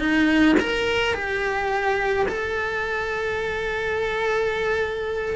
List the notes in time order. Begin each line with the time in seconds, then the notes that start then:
0.00 D#4
0.60 A#4
1.15 G4
2.29 A4